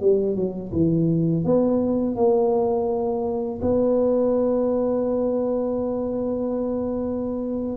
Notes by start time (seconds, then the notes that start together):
0.00 G3
0.35 F#3
0.72 E3
1.44 B3
2.15 A#3
3.61 B3